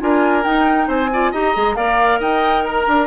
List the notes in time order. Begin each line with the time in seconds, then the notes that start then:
0.00 D4 F4 A#4 G#5
0.43 D#4 G5
0.87 C4 C5 G#5
1.13 F4 D5
1.32 D#4 G4 D#5 A#5
1.54 G#3 G#4
1.76 A#3 A#4 D5 F5
2.19 D#4 D#5 G5
2.64 A#4 A#5
2.87 D4